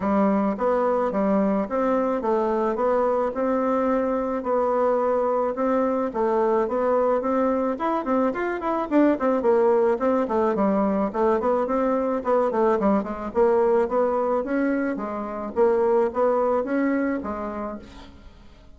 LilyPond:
\new Staff \with { instrumentName = "bassoon" } { \time 4/4 \tempo 4 = 108 g4 b4 g4 c'4 | a4 b4 c'2 | b2 c'4 a4 | b4 c'4 e'8 c'8 f'8 e'8 |
d'8 c'8 ais4 c'8 a8 g4 | a8 b8 c'4 b8 a8 g8 gis8 | ais4 b4 cis'4 gis4 | ais4 b4 cis'4 gis4 | }